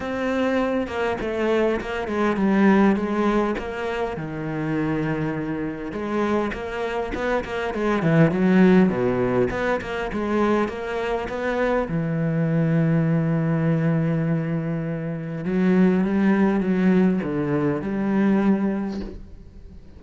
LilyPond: \new Staff \with { instrumentName = "cello" } { \time 4/4 \tempo 4 = 101 c'4. ais8 a4 ais8 gis8 | g4 gis4 ais4 dis4~ | dis2 gis4 ais4 | b8 ais8 gis8 e8 fis4 b,4 |
b8 ais8 gis4 ais4 b4 | e1~ | e2 fis4 g4 | fis4 d4 g2 | }